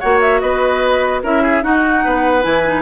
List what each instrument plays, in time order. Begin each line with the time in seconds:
0.00 bassoon A#3, clarinet F#4, oboe C#5, flute F#5
0.21 flute E5
0.40 bassoon B3, oboe B4, flute D#5
1.23 bassoon C#4, clarinet E4, oboe A#4, flute E5
1.43 oboe G#4
1.62 clarinet D#4, bassoon D#4, oboe F#4, flute F#5
2.05 bassoon B3, oboe B4
2.42 bassoon E3, clarinet E4, flute G#5
2.66 clarinet D#4